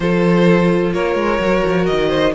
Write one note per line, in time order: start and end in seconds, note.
0.00 0.93 F3
0.00 1.40 F4
0.00 0.94 A4
0.00 0.92 C5
0.93 1.15 A#3
0.93 2.09 A#4
0.93 1.86 C#5
1.15 1.38 G#3
1.39 1.62 F#3
1.39 2.34 F#4
1.65 1.89 F3
1.86 2.35 D#3
1.86 2.32 D#5
2.09 2.32 C5